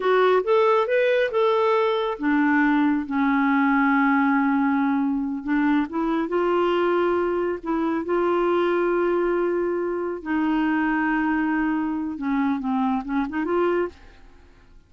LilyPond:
\new Staff \with { instrumentName = "clarinet" } { \time 4/4 \tempo 4 = 138 fis'4 a'4 b'4 a'4~ | a'4 d'2 cis'4~ | cis'1~ | cis'8 d'4 e'4 f'4.~ |
f'4. e'4 f'4.~ | f'2.~ f'8 dis'8~ | dis'1 | cis'4 c'4 cis'8 dis'8 f'4 | }